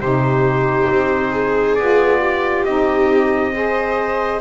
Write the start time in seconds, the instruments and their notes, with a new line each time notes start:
0.00 double bass C3, saxophone D#4, viola G4, trumpet C5
0.89 double bass C4
1.31 viola G#4
1.75 double bass B3, saxophone F4, trumpet D5
2.20 viola G4
2.64 double bass C4, saxophone D#4, trumpet D#5
3.53 saxophone G#4, viola C5